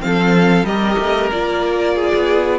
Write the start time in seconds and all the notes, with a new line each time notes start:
0.00 F3 C4 A4 F5
0.64 G3 G4 A#4 D#5
0.99 A3
1.31 A#3 F4 D5
1.95 G#4
2.14 B3